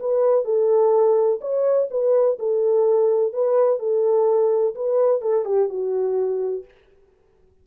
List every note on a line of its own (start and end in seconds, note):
0.00 0.45 B4
0.45 1.40 A4
1.41 1.89 C#5
1.91 2.38 B4
2.39 3.33 A4
3.33 3.79 B4
3.79 4.75 A4
4.75 5.21 B4
5.21 5.45 A4
5.45 5.69 G4
5.69 6.65 F#4